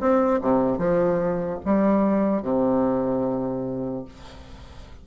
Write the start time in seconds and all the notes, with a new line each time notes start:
0.00 C4
0.42 C3
0.78 F3
1.65 G3
2.43 C3